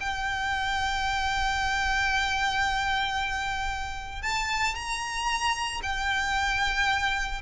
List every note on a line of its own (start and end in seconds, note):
0.00 4.22 G5
4.22 4.75 A5
4.75 5.81 A#5
5.83 7.42 G5